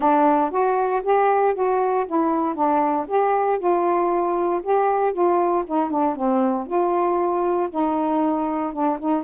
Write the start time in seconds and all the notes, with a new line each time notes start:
0.00 D4
0.50 F#4
1.03 G4
1.54 F#4
2.06 E4
2.55 D4
3.07 G4
3.58 F4
4.62 G4
5.12 F4
5.66 D#4
5.90 D4
6.15 C4
6.66 F4
7.70 D#4
8.72 D4
8.99 D#4